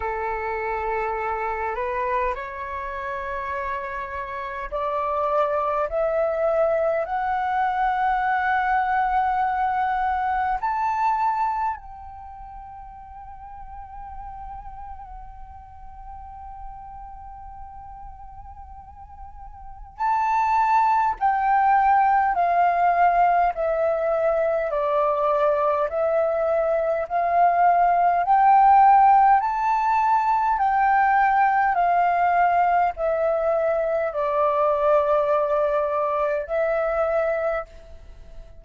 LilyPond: \new Staff \with { instrumentName = "flute" } { \time 4/4 \tempo 4 = 51 a'4. b'8 cis''2 | d''4 e''4 fis''2~ | fis''4 a''4 g''2~ | g''1~ |
g''4 a''4 g''4 f''4 | e''4 d''4 e''4 f''4 | g''4 a''4 g''4 f''4 | e''4 d''2 e''4 | }